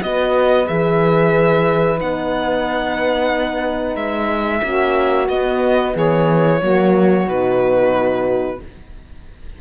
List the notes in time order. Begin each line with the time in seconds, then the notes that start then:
0.00 B3 F#4 B4 D#5
0.66 E3 G#4 E5
1.98 B3 D#4 F#5
3.95 G#3 E5
4.61 A#3 C#4 F#4
5.29 B3 D#5
5.94 E3 G#4 C#5
6.62 F#3 A#3 F#4
7.26 B2 D#4 B4